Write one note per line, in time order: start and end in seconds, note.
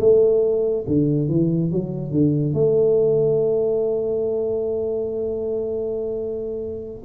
0.00 0.86 A3
0.87 1.29 D3
1.29 1.71 E3
1.71 2.11 F#3
2.11 2.54 D3
2.54 7.04 A3